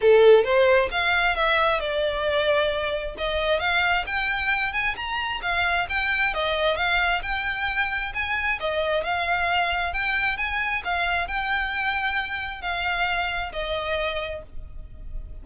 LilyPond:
\new Staff \with { instrumentName = "violin" } { \time 4/4 \tempo 4 = 133 a'4 c''4 f''4 e''4 | d''2. dis''4 | f''4 g''4. gis''8 ais''4 | f''4 g''4 dis''4 f''4 |
g''2 gis''4 dis''4 | f''2 g''4 gis''4 | f''4 g''2. | f''2 dis''2 | }